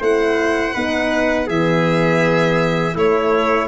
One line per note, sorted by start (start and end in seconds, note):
0.00 0.74 A3
0.00 0.74 E4
0.00 0.73 C5
0.00 1.49 F#5
0.73 1.48 B3
0.73 1.47 D#4
0.73 1.47 B4
1.47 2.95 E3
1.47 2.95 B3
1.47 2.95 G#4
1.47 2.97 E5
2.95 3.67 A3
2.95 3.67 E4
2.95 3.67 C#5